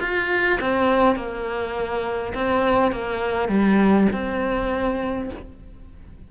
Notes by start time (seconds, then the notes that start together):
0.00 F4
0.61 C4
1.16 A#3
2.34 C4
2.92 A#3
3.49 G3
4.13 C4